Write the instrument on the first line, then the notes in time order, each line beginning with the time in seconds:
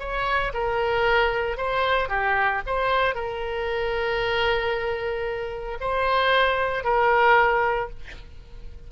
oboe
0.00 C#5
0.54 A#4
1.57 C5
2.09 G4
2.67 C5
3.15 A#4
5.81 C5
6.84 A#4